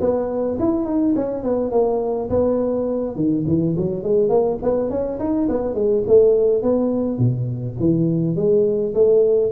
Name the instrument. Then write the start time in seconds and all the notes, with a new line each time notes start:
tuba
0.00 B3
0.59 E4
0.85 D#4
1.15 C#4
1.43 B3
1.71 A#3
2.29 B3
3.15 D#3
3.47 E3
3.77 F#3
4.03 G#3
4.29 A#3
4.62 B3
4.90 C#4
5.19 D#4
5.48 B3
5.74 G#3
6.07 A3
6.62 B3
7.18 B2
7.79 E3
8.35 G#3
8.94 A3